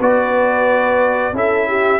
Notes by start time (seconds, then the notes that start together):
0.00 B3 F#4 B4 D5
1.33 C#4 E4 A4 E5
1.68 G4